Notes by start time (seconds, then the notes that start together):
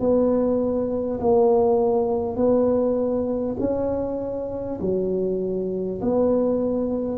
0.00 B3
1.21 A#3
2.36 B3
3.59 C#4
4.81 F#3
6.02 B3